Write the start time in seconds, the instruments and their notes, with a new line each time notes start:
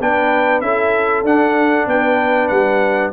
0.00 tuba B3, trombone D4, horn B4, trumpet G5
0.61 tuba C#4, trombone E4, horn A4, trumpet E5
1.23 tuba D4, trombone D4, trumpet F#5
1.87 tuba B3, horn B4, trumpet G5
2.48 tuba G3, trumpet F#5